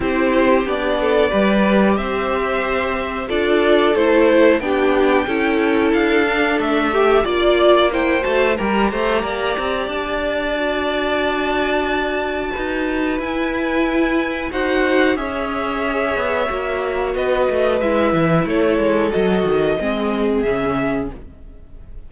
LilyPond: <<
  \new Staff \with { instrumentName = "violin" } { \time 4/4 \tempo 4 = 91 c''4 d''2 e''4~ | e''4 d''4 c''4 g''4~ | g''4 f''4 e''4 d''4 | g''8 a''8 ais''2 a''4~ |
a''1 | gis''2 fis''4 e''4~ | e''2 dis''4 e''4 | cis''4 dis''2 e''4 | }
  \new Staff \with { instrumentName = "violin" } { \time 4/4 g'4. a'8 b'4 c''4~ | c''4 a'2 g'4 | a'2~ a'8 g'8 d''4 | c''4 ais'8 c''8 d''2~ |
d''2. b'4~ | b'2 c''4 cis''4~ | cis''2 b'2 | a'2 gis'2 | }
  \new Staff \with { instrumentName = "viola" } { \time 4/4 e'4 d'4 g'2~ | g'4 f'4 e'4 d'4 | e'4. d'4 g'8 f'4 | e'8 fis'8 g'2. |
fis'1 | e'2 fis'4 gis'4~ | gis'4 fis'2 e'4~ | e'4 fis'4 c'4 cis'4 | }
  \new Staff \with { instrumentName = "cello" } { \time 4/4 c'4 b4 g4 c'4~ | c'4 d'4 a4 b4 | cis'4 d'4 a4 ais4~ | ais8 a8 g8 a8 ais8 c'8 d'4~ |
d'2. dis'4 | e'2 dis'4 cis'4~ | cis'8 b8 ais4 b8 a8 gis8 e8 | a8 gis8 fis8 dis8 gis4 cis4 | }
>>